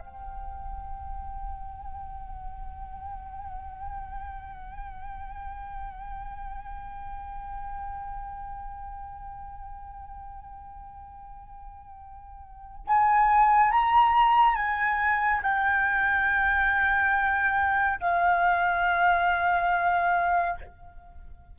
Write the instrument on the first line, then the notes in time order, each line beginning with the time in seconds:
flute
0.00 G5
12.88 G#5
13.72 A#5
14.56 G#5
15.43 G5
18.01 F5